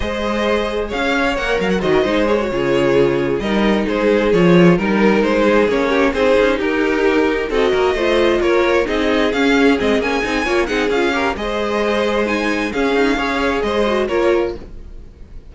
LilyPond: <<
  \new Staff \with { instrumentName = "violin" } { \time 4/4 \tempo 4 = 132 dis''2 f''4 fis''8 f''16 fis''16 | dis''4 cis''2~ cis''8 dis''8~ | dis''8 c''4 cis''4 ais'4 c''8~ | c''8 cis''4 c''4 ais'4.~ |
ais'8 dis''2 cis''4 dis''8~ | dis''8 f''4 dis''8 gis''4. fis''8 | f''4 dis''2 gis''4 | f''2 dis''4 cis''4 | }
  \new Staff \with { instrumentName = "violin" } { \time 4/4 c''2 cis''2 | c''16 ais'16 c''4 gis'2 ais'8~ | ais'8 gis'2 ais'4. | gis'4 g'8 gis'4 g'4.~ |
g'8 a'8 ais'8 c''4 ais'4 gis'8~ | gis'2. cis''8 gis'8~ | gis'8 ais'8 c''2. | gis'4 cis''4 c''4 ais'4 | }
  \new Staff \with { instrumentName = "viola" } { \time 4/4 gis'2. ais'4 | fis'8 dis'8 gis'16 fis'16 f'2 dis'8~ | dis'4. f'4 dis'4.~ | dis'8 cis'4 dis'2~ dis'8~ |
dis'8 fis'4 f'2 dis'8~ | dis'8 cis'4 c'8 cis'8 dis'8 f'8 dis'8 | f'8 g'8 gis'2 dis'4 | cis'4 gis'4. fis'8 f'4 | }
  \new Staff \with { instrumentName = "cello" } { \time 4/4 gis2 cis'4 ais8 fis8 | dis8 gis4 cis2 g8~ | g8 gis4 f4 g4 gis8~ | gis8 ais4 c'8 cis'8 dis'4.~ |
dis'8 c'8 ais8 a4 ais4 c'8~ | c'8 cis'4 gis8 ais8 c'8 ais8 c'8 | cis'4 gis2. | cis'8 dis'8 cis'4 gis4 ais4 | }
>>